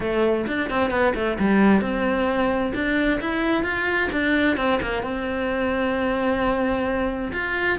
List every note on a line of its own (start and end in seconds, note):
0.00 0.46 A3
0.47 0.70 D4
0.70 0.90 C4
0.90 1.13 B3
1.14 1.37 A3
1.39 1.81 G3
1.81 2.72 C4
2.74 3.20 D4
3.20 3.63 E4
3.63 4.09 F4
4.12 4.56 D4
4.56 4.79 C4
4.82 5.02 A#3
5.02 7.31 C4
7.32 7.78 F4